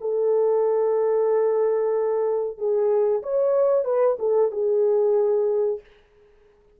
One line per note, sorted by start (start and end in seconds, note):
0.00 2.57 A4
2.57 3.22 G#4
3.22 3.84 C#5
3.84 4.16 B4
4.18 4.51 A4
4.51 5.80 G#4